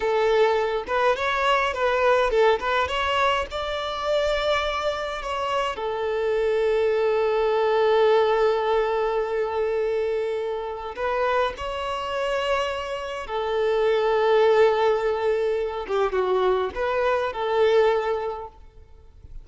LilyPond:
\new Staff \with { instrumentName = "violin" } { \time 4/4 \tempo 4 = 104 a'4. b'8 cis''4 b'4 | a'8 b'8 cis''4 d''2~ | d''4 cis''4 a'2~ | a'1~ |
a'2. b'4 | cis''2. a'4~ | a'2.~ a'8 g'8 | fis'4 b'4 a'2 | }